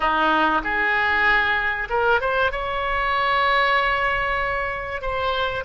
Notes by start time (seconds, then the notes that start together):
0.00 D#4
0.63 G#4
1.89 A#4
2.20 C5
2.51 C#5
5.01 C5